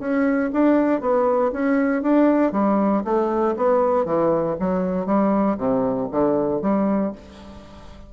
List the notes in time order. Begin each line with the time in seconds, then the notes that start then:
0.00 C#4
0.53 D4
1.01 B3
1.53 C#4
2.03 D4
2.53 G3
3.05 A3
3.57 B3
4.05 E3
4.60 F#3
5.06 G3
5.58 C3
6.12 D3
6.62 G3